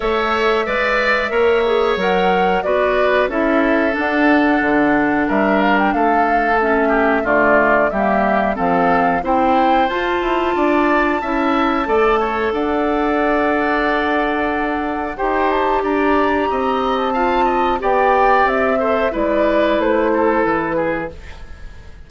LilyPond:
<<
  \new Staff \with { instrumentName = "flute" } { \time 4/4 \tempo 4 = 91 e''2. fis''4 | d''4 e''4 fis''2 | e''8 f''16 g''16 f''4 e''4 d''4 | e''4 f''4 g''4 a''4~ |
a''2. fis''4~ | fis''2. g''8 a''8 | ais''4.~ ais''16 a''4~ a''16 g''4 | e''4 d''4 c''4 b'4 | }
  \new Staff \with { instrumentName = "oboe" } { \time 4/4 cis''4 d''4 cis''2 | b'4 a'2. | ais'4 a'4. g'8 f'4 | g'4 a'4 c''2 |
d''4 e''4 d''8 cis''8 d''4~ | d''2. c''4 | d''4 dis''4 f''8 dis''8 d''4~ | d''8 c''8 b'4. a'4 gis'8 | }
  \new Staff \with { instrumentName = "clarinet" } { \time 4/4 a'4 b'4 ais'8 gis'8 ais'4 | fis'4 e'4 d'2~ | d'2 cis'4 a4 | ais4 c'4 e'4 f'4~ |
f'4 e'4 a'2~ | a'2. g'4~ | g'2 f'4 g'4~ | g'8 a'8 e'2. | }
  \new Staff \with { instrumentName = "bassoon" } { \time 4/4 a4 gis4 ais4 fis4 | b4 cis'4 d'4 d4 | g4 a2 d4 | g4 f4 c'4 f'8 e'8 |
d'4 cis'4 a4 d'4~ | d'2. dis'4 | d'4 c'2 b4 | c'4 gis4 a4 e4 | }
>>